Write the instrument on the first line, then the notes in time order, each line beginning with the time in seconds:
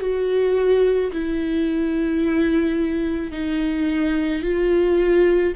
viola
0.00 F#4
1.12 E4
3.31 D#4
4.42 F4